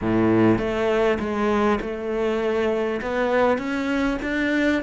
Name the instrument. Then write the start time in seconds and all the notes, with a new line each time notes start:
cello
0.01 A2
0.58 A3
1.19 G#3
1.80 A3
3.01 B3
3.58 C#4
4.22 D4